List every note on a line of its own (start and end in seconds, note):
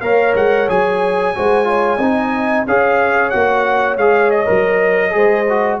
0.00 0.34 A#3
0.00 0.68 A#4
0.00 1.35 C#5
0.00 0.33 F5
0.35 0.68 G#3
0.35 0.69 F#5
0.68 1.35 F#3
0.68 1.34 G#4
0.68 2.67 G#5
1.34 1.97 G#3
1.34 1.64 F#4
1.34 1.66 C5
1.64 1.97 F4
1.64 1.98 C#5
1.97 2.63 C4
1.97 2.66 D#4
1.97 2.63 D#5
2.66 3.32 C#4
2.66 3.32 G#4
2.66 5.15 C#5
2.66 3.30 F5
3.30 3.96 A#3
3.30 3.98 F#4
3.30 3.95 F#5
3.96 4.46 G#3
3.96 4.45 G#4
3.96 4.30 F5
4.30 5.79 D#5
4.45 5.14 F#3
4.45 5.10 A#4
5.10 5.80 G#3
5.10 5.43 G#4
5.10 5.80 C5
5.49 5.80 F#4